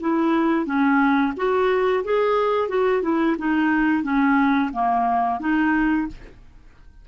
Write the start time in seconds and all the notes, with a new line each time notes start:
0.00 E4
0.65 C#4
1.36 F#4
2.04 G#4
2.68 F#4
3.02 E4
3.38 D#4
4.03 C#4
4.73 A#3
5.40 D#4